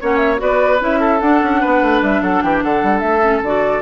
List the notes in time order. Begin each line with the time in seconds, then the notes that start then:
0.00 A#3 C#4 C#5 F#5
0.17 E5
0.37 B3 F#4 B4 D5
0.80 C#4 E4 E5
1.00 A4
1.20 D4 F#5
1.41 C#4
1.61 B3 B4
1.81 A3
2.01 G3 E5
2.21 F#3 A4 F#5
2.42 E3 G4 G5
2.63 D3 A4 F#5
2.83 G3
2.99 A3 E5
3.22 C#4
3.41 D3 F#4 D5